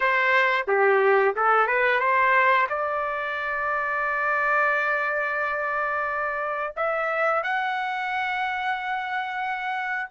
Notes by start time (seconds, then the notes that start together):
0.00 C5
0.67 G4
1.35 A4
1.67 B4
1.99 C5
2.69 D5
6.76 E5
7.43 F#5